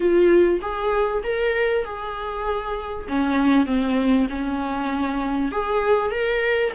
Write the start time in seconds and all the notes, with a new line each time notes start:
0.00 F4
0.61 G#4
1.23 A#4
1.85 G#4
3.08 C#4
3.65 C4
4.29 C#4
5.51 G#4
6.10 A#4